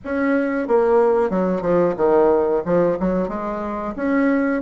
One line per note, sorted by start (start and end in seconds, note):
0.04 0.67 C#4
0.67 1.30 A#3
1.30 1.61 F#3
1.61 1.94 F3
1.96 2.62 D#3
2.65 2.98 F3
2.99 3.28 F#3
3.28 3.94 G#3
3.96 4.62 C#4